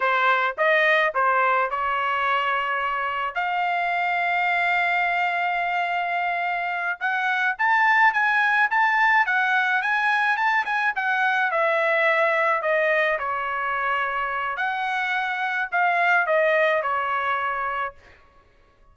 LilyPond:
\new Staff \with { instrumentName = "trumpet" } { \time 4/4 \tempo 4 = 107 c''4 dis''4 c''4 cis''4~ | cis''2 f''2~ | f''1~ | f''8 fis''4 a''4 gis''4 a''8~ |
a''8 fis''4 gis''4 a''8 gis''8 fis''8~ | fis''8 e''2 dis''4 cis''8~ | cis''2 fis''2 | f''4 dis''4 cis''2 | }